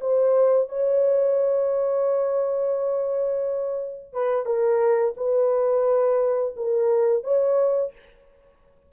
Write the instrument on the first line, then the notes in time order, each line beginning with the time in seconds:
horn
0.00 C5
0.69 C#5
4.13 B4
4.45 A#4
5.17 B4
6.56 A#4
7.23 C#5